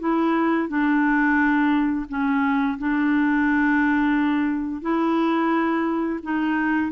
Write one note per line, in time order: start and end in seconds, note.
0.00 0.69 E4
0.69 2.07 D4
2.09 2.78 C#4
2.79 4.82 D4
4.82 6.20 E4
6.23 6.92 D#4